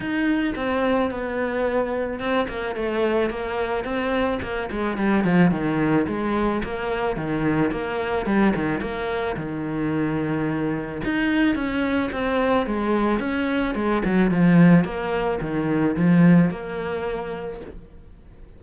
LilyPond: \new Staff \with { instrumentName = "cello" } { \time 4/4 \tempo 4 = 109 dis'4 c'4 b2 | c'8 ais8 a4 ais4 c'4 | ais8 gis8 g8 f8 dis4 gis4 | ais4 dis4 ais4 g8 dis8 |
ais4 dis2. | dis'4 cis'4 c'4 gis4 | cis'4 gis8 fis8 f4 ais4 | dis4 f4 ais2 | }